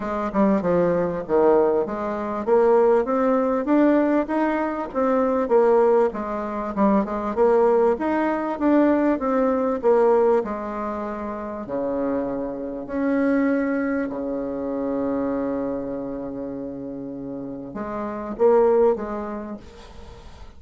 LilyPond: \new Staff \with { instrumentName = "bassoon" } { \time 4/4 \tempo 4 = 98 gis8 g8 f4 dis4 gis4 | ais4 c'4 d'4 dis'4 | c'4 ais4 gis4 g8 gis8 | ais4 dis'4 d'4 c'4 |
ais4 gis2 cis4~ | cis4 cis'2 cis4~ | cis1~ | cis4 gis4 ais4 gis4 | }